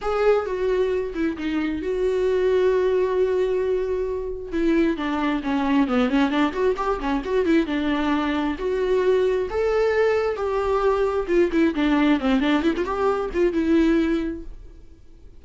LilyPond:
\new Staff \with { instrumentName = "viola" } { \time 4/4 \tempo 4 = 133 gis'4 fis'4. e'8 dis'4 | fis'1~ | fis'2 e'4 d'4 | cis'4 b8 cis'8 d'8 fis'8 g'8 cis'8 |
fis'8 e'8 d'2 fis'4~ | fis'4 a'2 g'4~ | g'4 f'8 e'8 d'4 c'8 d'8 | e'16 f'16 g'4 f'8 e'2 | }